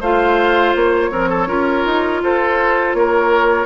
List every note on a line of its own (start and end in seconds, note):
0.00 0.73 A3
0.00 1.12 F4
0.00 1.10 C5
0.00 0.75 F5
0.75 1.10 A#3
0.75 2.22 C#5
1.10 1.48 F3
1.10 1.47 C4
1.10 1.29 A#4
1.29 1.47 A4
1.47 1.84 C#4
1.47 3.65 F4
1.47 2.21 A#4
1.85 2.22 D#4
2.22 2.93 F4
2.22 2.96 A4
2.22 2.94 C5
2.93 3.65 A#3
2.93 3.65 A#4
2.93 3.65 C#5